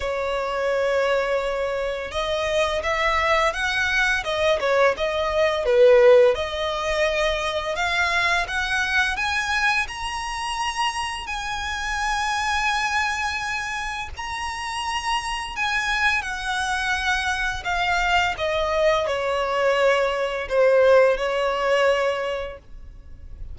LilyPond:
\new Staff \with { instrumentName = "violin" } { \time 4/4 \tempo 4 = 85 cis''2. dis''4 | e''4 fis''4 dis''8 cis''8 dis''4 | b'4 dis''2 f''4 | fis''4 gis''4 ais''2 |
gis''1 | ais''2 gis''4 fis''4~ | fis''4 f''4 dis''4 cis''4~ | cis''4 c''4 cis''2 | }